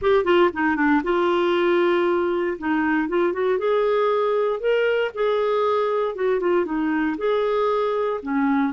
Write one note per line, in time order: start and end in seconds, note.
0.01 0.24 G4
0.24 0.50 F4
0.53 0.76 D#4
0.76 1.01 D4
1.03 2.57 F4
2.58 3.08 D#4
3.08 3.33 F4
3.33 3.58 F#4
3.58 4.59 G#4
4.59 5.11 A#4
5.14 6.15 G#4
6.15 6.40 F#4
6.40 6.65 F4
6.65 7.16 D#4
7.17 8.20 G#4
8.22 8.73 C#4